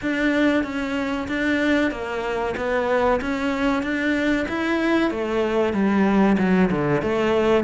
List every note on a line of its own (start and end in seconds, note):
0.02 0.63 D4
0.63 1.27 C#4
1.28 1.91 D4
1.91 2.54 A#3
2.56 3.20 B3
3.21 3.82 C#4
3.82 4.46 D4
4.48 5.10 E4
5.10 5.73 A3
5.73 6.37 G3
6.38 6.70 F#3
6.71 7.02 D3
7.02 7.63 A3